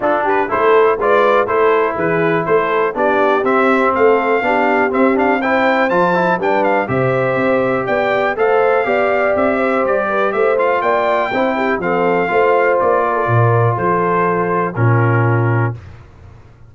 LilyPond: <<
  \new Staff \with { instrumentName = "trumpet" } { \time 4/4 \tempo 4 = 122 a'8 b'8 c''4 d''4 c''4 | b'4 c''4 d''4 e''4 | f''2 e''8 f''8 g''4 | a''4 g''8 f''8 e''2 |
g''4 f''2 e''4 | d''4 e''8 f''8 g''2 | f''2 d''2 | c''2 ais'2 | }
  \new Staff \with { instrumentName = "horn" } { \time 4/4 f'8 g'8 a'4 b'4 a'4 | gis'4 a'4 g'2 | a'4 g'2 c''4~ | c''4 b'4 c''2 |
d''4 c''4 d''4. c''8~ | c''8 b'8 c''4 d''4 c''8 g'8 | a'4 c''4. ais'16 a'16 ais'4 | a'2 f'2 | }
  \new Staff \with { instrumentName = "trombone" } { \time 4/4 d'4 e'4 f'4 e'4~ | e'2 d'4 c'4~ | c'4 d'4 c'8 d'8 e'4 | f'8 e'8 d'4 g'2~ |
g'4 a'4 g'2~ | g'4. f'4. e'4 | c'4 f'2.~ | f'2 cis'2 | }
  \new Staff \with { instrumentName = "tuba" } { \time 4/4 d'4 a4 gis4 a4 | e4 a4 b4 c'4 | a4 b4 c'2 | f4 g4 c4 c'4 |
b4 a4 b4 c'4 | g4 a4 ais4 c'4 | f4 a4 ais4 ais,4 | f2 ais,2 | }
>>